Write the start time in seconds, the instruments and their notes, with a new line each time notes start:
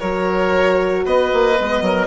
0.00 bassoon F#3, horn F#4, oboe A#4, violin C#5
1.06 bassoon B3, oboe B4, violin D#5
1.33 bassoon A#3
1.59 bassoon G#3, horn B3
1.82 bassoon F#3, oboe A#4